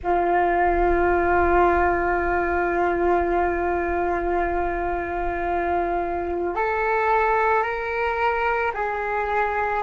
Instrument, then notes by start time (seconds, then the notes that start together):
flute
0.03 F4
6.55 A4
7.62 A#4
8.74 G#4